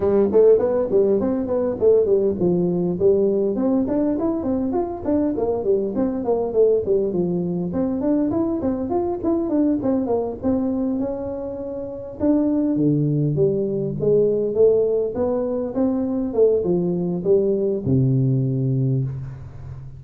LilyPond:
\new Staff \with { instrumentName = "tuba" } { \time 4/4 \tempo 4 = 101 g8 a8 b8 g8 c'8 b8 a8 g8 | f4 g4 c'8 d'8 e'8 c'8 | f'8 d'8 ais8 g8 c'8 ais8 a8 g8 | f4 c'8 d'8 e'8 c'8 f'8 e'8 |
d'8 c'8 ais8 c'4 cis'4.~ | cis'8 d'4 d4 g4 gis8~ | gis8 a4 b4 c'4 a8 | f4 g4 c2 | }